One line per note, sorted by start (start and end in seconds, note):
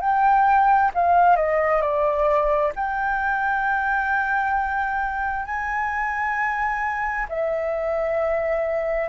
0.00 0.91 G5
0.94 1.36 F5
1.36 1.81 D#5
1.81 2.72 D5
2.75 5.45 G5
5.45 7.27 G#5
7.29 9.08 E5